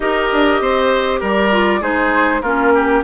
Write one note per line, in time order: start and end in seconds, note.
0.00 0.30 D#4
0.00 1.51 G4
0.00 0.62 A#4
0.00 1.20 D#5
0.32 0.60 D4
0.60 1.21 C4
0.60 1.20 C5
1.20 1.81 G3
1.20 1.80 A#4
1.20 1.82 D5
1.51 1.80 F4
1.80 2.41 G#3
1.80 2.41 D#4
1.80 2.41 G#4
1.80 2.41 C5
2.41 3.02 A#3
2.41 3.03 C#4
2.41 2.72 F4
2.41 3.02 A#4
2.74 3.03 G4